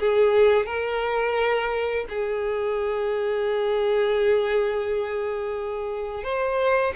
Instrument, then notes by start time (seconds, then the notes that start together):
violin
0.00 G#4
0.67 A#4
2.10 G#4
6.24 C5